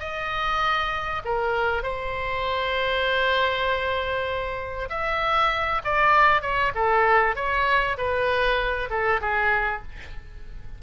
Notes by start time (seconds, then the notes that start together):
0.00 D#5
1.25 A#4
1.83 C5
4.90 E5
5.85 D5
6.42 C#5
6.75 A4
7.36 C#5
7.98 B4
8.90 A4
9.22 G#4